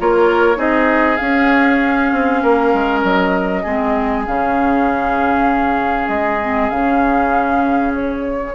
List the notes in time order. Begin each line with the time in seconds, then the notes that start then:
0.00 A#3 F4 A#4 C#5
0.56 C4 D#4 G#4 D#5
1.17 C#4 F5
2.13 C4
2.43 A#3 A#4
2.74 G#3
3.02 F#3 D#5
3.63 G#3 C4 G#4
4.27 C#3 C#4 F5
6.09 G#3 D#5
6.42 C4
6.70 C#3 C#4 F5
7.95 C#5